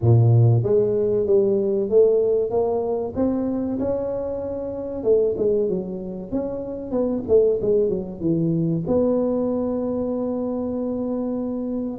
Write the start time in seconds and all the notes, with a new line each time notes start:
0.01 A#2
0.63 G#3
1.26 G3
1.89 A3
2.50 A#3
3.16 C4
3.79 C#4
5.03 A3
5.37 G#3
5.69 F#3
6.31 C#4
6.91 B3
7.28 A3
7.61 G#3
7.89 F#3
8.20 E3
8.87 B3